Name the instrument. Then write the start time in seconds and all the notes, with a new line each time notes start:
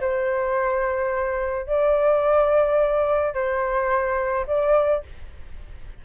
flute
0.00 C5
1.66 D5
3.34 C5
4.47 D5